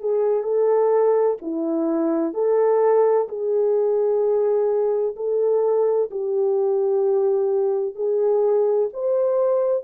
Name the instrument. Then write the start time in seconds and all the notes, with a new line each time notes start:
horn
0.00 G#4
0.43 A4
1.41 E4
2.34 A4
3.28 G#4
5.16 A4
6.11 G4
7.95 G#4
8.93 C5